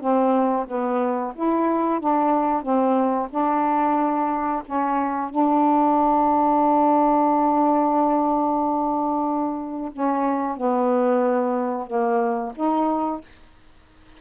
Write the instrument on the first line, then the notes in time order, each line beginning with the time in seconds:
saxophone
0.00 C4
0.67 B3
1.35 E4
2.00 D4
2.63 C4
3.31 D4
4.65 C#4
5.30 D4
9.92 C#4
10.56 B3
11.87 A#3
12.55 D#4